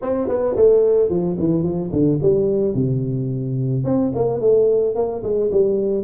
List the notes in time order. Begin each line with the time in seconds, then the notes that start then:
0.02 C4
0.28 B3
0.56 A3
1.09 F3
1.39 E3
1.63 F3
1.92 D3
2.22 G3
2.74 C3
3.84 C4
4.15 A#3
4.40 A3
4.95 A#3
5.23 G#3
5.51 G3